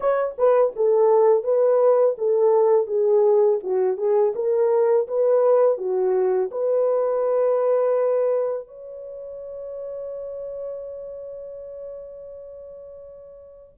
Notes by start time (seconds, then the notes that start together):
0.00 C#5
0.38 B4
0.76 A4
1.43 B4
2.18 A4
2.87 G#4
3.63 F#4
3.97 G#4
4.35 A#4
5.07 B4
5.77 F#4
6.51 B4
8.67 C#5